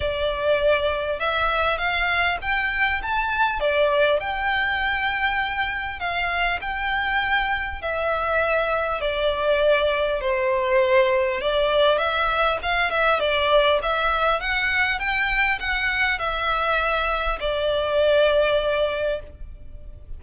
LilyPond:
\new Staff \with { instrumentName = "violin" } { \time 4/4 \tempo 4 = 100 d''2 e''4 f''4 | g''4 a''4 d''4 g''4~ | g''2 f''4 g''4~ | g''4 e''2 d''4~ |
d''4 c''2 d''4 | e''4 f''8 e''8 d''4 e''4 | fis''4 g''4 fis''4 e''4~ | e''4 d''2. | }